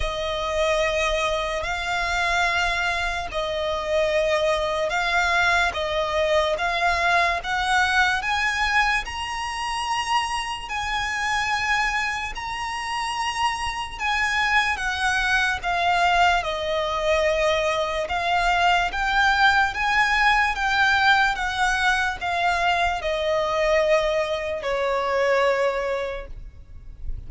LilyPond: \new Staff \with { instrumentName = "violin" } { \time 4/4 \tempo 4 = 73 dis''2 f''2 | dis''2 f''4 dis''4 | f''4 fis''4 gis''4 ais''4~ | ais''4 gis''2 ais''4~ |
ais''4 gis''4 fis''4 f''4 | dis''2 f''4 g''4 | gis''4 g''4 fis''4 f''4 | dis''2 cis''2 | }